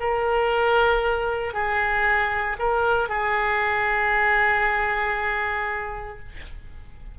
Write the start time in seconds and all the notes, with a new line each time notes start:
0.00 A#4
1.53 G#4
2.59 A#4
3.08 G#4